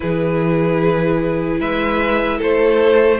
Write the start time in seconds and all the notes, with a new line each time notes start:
0.00 E3 E4 G#4 B4
1.60 G#3 B4 E5
2.37 A3 A4 C5